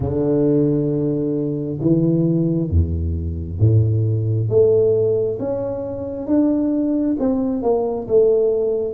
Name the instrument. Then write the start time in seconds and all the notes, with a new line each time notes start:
tuba
0.00 D3
1.81 E3
2.69 E2
3.59 A2
4.49 A3
5.39 C#4
6.26 D4
7.19 C4
7.62 A#3
8.07 A3